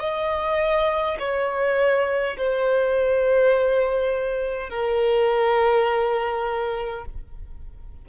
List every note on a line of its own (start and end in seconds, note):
0.00 1.18 D#5
1.19 2.37 C#5
2.37 4.70 C5
4.70 7.05 A#4